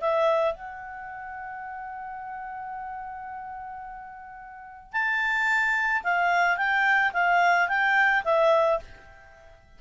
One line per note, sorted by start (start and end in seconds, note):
0.00 0.54 E5
0.54 4.92 F#5
4.92 6.03 A5
6.03 6.57 F5
6.57 7.12 G5
7.13 7.68 F5
7.68 8.23 G5
8.24 8.79 E5